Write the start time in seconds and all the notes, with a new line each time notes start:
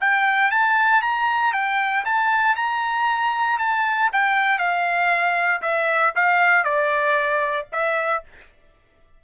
0.00 G5
0.51 A5
1.01 A#5
1.52 G5
2.05 A5
2.56 A#5
3.59 A5
4.12 G5
4.58 F5
5.62 E5
6.15 F5
6.64 D5
7.72 E5